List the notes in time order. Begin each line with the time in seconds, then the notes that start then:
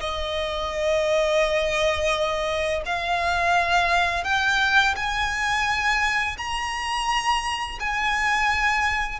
0.00 D#5
2.86 F5
4.24 G5
4.96 G#5
6.38 A#5
7.80 G#5